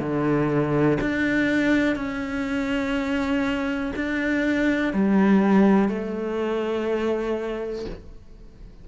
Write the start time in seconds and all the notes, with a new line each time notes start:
0.00 D3
1.01 D4
1.96 C#4
3.96 D4
4.94 G3
5.89 A3